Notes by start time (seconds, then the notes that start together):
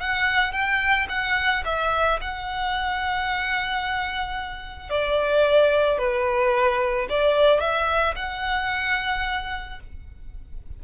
0.00 F#5
0.52 G5
1.09 F#5
1.65 E5
2.21 F#5
4.90 D5
5.98 B4
7.09 D5
7.60 E5
8.16 F#5